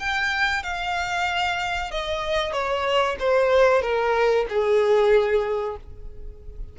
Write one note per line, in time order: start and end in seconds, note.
0.00 0.64 G5
0.64 1.91 F5
1.91 2.53 D#5
2.53 3.17 C#5
3.20 3.82 C5
3.82 4.46 A#4
4.49 5.77 G#4